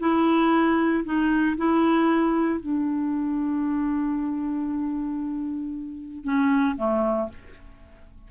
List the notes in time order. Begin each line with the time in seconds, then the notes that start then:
0.00 E4
1.05 D#4
1.58 E4
2.60 D4
6.24 C#4
6.77 A3